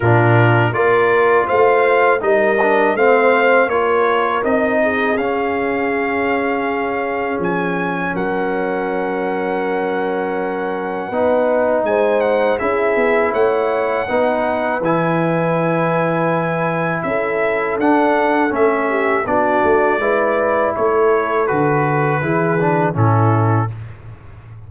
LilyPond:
<<
  \new Staff \with { instrumentName = "trumpet" } { \time 4/4 \tempo 4 = 81 ais'4 d''4 f''4 dis''4 | f''4 cis''4 dis''4 f''4~ | f''2 gis''4 fis''4~ | fis''1 |
gis''8 fis''8 e''4 fis''2 | gis''2. e''4 | fis''4 e''4 d''2 | cis''4 b'2 a'4 | }
  \new Staff \with { instrumentName = "horn" } { \time 4/4 f'4 ais'4 c''4 ais'4 | c''4 ais'4. gis'4.~ | gis'2. ais'4~ | ais'2. b'4 |
c''4 gis'4 cis''4 b'4~ | b'2. a'4~ | a'4. g'8 fis'4 b'4 | a'2 gis'4 e'4 | }
  \new Staff \with { instrumentName = "trombone" } { \time 4/4 d'4 f'2 dis'8 d'8 | c'4 f'4 dis'4 cis'4~ | cis'1~ | cis'2. dis'4~ |
dis'4 e'2 dis'4 | e'1 | d'4 cis'4 d'4 e'4~ | e'4 fis'4 e'8 d'8 cis'4 | }
  \new Staff \with { instrumentName = "tuba" } { \time 4/4 ais,4 ais4 a4 g4 | a4 ais4 c'4 cis'4~ | cis'2 f4 fis4~ | fis2. b4 |
gis4 cis'8 b8 a4 b4 | e2. cis'4 | d'4 a4 b8 a8 gis4 | a4 d4 e4 a,4 | }
>>